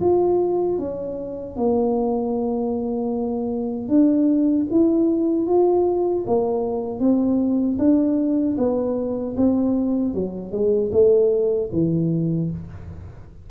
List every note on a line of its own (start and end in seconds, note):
0.00 0.78 F4
0.78 1.56 C#4
1.56 3.88 A#3
3.88 4.66 D4
4.70 5.46 E4
5.46 6.24 F4
6.26 6.99 A#3
6.99 7.77 C4
7.78 8.56 D4
8.57 9.35 B3
9.36 10.14 C4
10.14 10.51 F#3
10.51 10.90 G#3
10.92 11.70 A3
11.72 12.50 E3